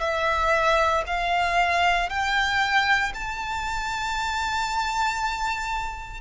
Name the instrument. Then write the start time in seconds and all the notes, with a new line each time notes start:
violin
0.00 E5
1.06 F5
2.09 G5
3.14 A5